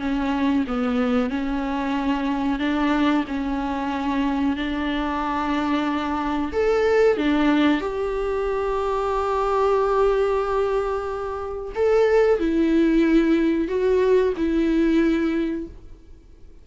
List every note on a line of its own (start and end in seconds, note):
0.00 0.65 C#4
0.68 1.30 B3
1.30 2.59 C#4
2.59 3.25 D4
3.28 4.57 C#4
4.57 6.52 D4
6.53 7.17 A4
7.17 7.81 D4
7.81 11.72 G4
11.75 12.39 A4
12.39 13.68 E4
13.68 14.33 F#4
14.37 15.67 E4